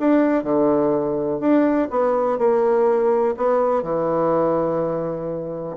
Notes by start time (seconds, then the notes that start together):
0.00 D4
0.44 D3
1.40 D4
1.90 B3
2.39 A#3
3.37 B3
3.83 E3